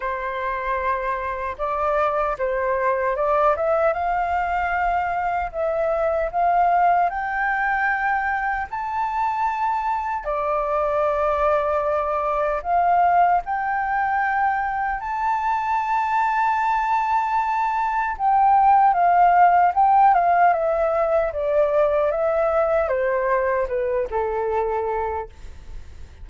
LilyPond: \new Staff \with { instrumentName = "flute" } { \time 4/4 \tempo 4 = 76 c''2 d''4 c''4 | d''8 e''8 f''2 e''4 | f''4 g''2 a''4~ | a''4 d''2. |
f''4 g''2 a''4~ | a''2. g''4 | f''4 g''8 f''8 e''4 d''4 | e''4 c''4 b'8 a'4. | }